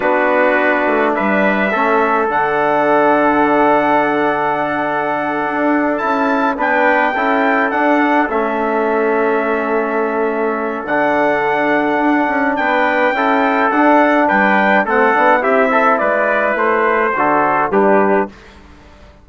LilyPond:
<<
  \new Staff \with { instrumentName = "trumpet" } { \time 4/4 \tempo 4 = 105 b'2 e''2 | fis''1~ | fis''2~ fis''8 a''4 g''8~ | g''4. fis''4 e''4.~ |
e''2. fis''4~ | fis''2 g''2 | fis''4 g''4 fis''4 e''4 | d''4 c''2 b'4 | }
  \new Staff \with { instrumentName = "trumpet" } { \time 4/4 fis'2 b'4 a'4~ | a'1~ | a'2.~ a'8 b'8~ | b'8 a'2.~ a'8~ |
a'1~ | a'2 b'4 a'4~ | a'4 b'4 a'4 g'8 a'8 | b'2 a'4 g'4 | }
  \new Staff \with { instrumentName = "trombone" } { \time 4/4 d'2. cis'4 | d'1~ | d'2~ d'8 e'4 d'8~ | d'8 e'4 d'4 cis'4.~ |
cis'2. d'4~ | d'2. e'4 | d'2 c'8 d'8 e'4~ | e'2 fis'4 d'4 | }
  \new Staff \with { instrumentName = "bassoon" } { \time 4/4 b4. a8 g4 a4 | d1~ | d4. d'4 cis'4 b8~ | b8 cis'4 d'4 a4.~ |
a2. d4~ | d4 d'8 cis'8 b4 cis'4 | d'4 g4 a8 b8 c'4 | gis4 a4 d4 g4 | }
>>